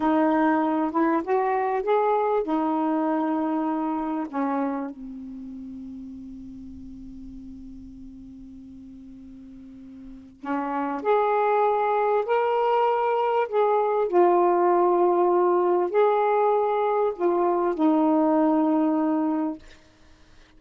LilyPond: \new Staff \with { instrumentName = "saxophone" } { \time 4/4 \tempo 4 = 98 dis'4. e'8 fis'4 gis'4 | dis'2. cis'4 | c'1~ | c'1~ |
c'4 cis'4 gis'2 | ais'2 gis'4 f'4~ | f'2 gis'2 | f'4 dis'2. | }